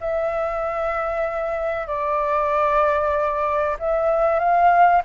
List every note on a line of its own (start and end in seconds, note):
0.00 1.87 E5
1.87 3.77 D5
3.79 4.39 E5
4.39 5.02 F5